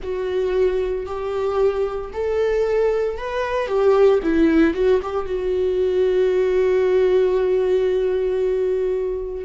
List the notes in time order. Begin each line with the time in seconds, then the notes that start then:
0.02 F#4
1.05 G4
2.13 A4
3.17 B4
3.67 G4
4.22 E4
4.74 F#4
5.02 G4
5.26 F#4